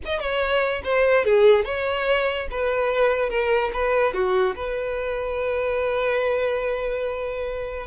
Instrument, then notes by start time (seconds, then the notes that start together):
violin
0.05 D#5
0.20 C#5
0.84 C5
1.24 G#4
1.65 C#5
2.50 B4
3.29 A#4
3.73 B4
4.13 F#4
4.55 B4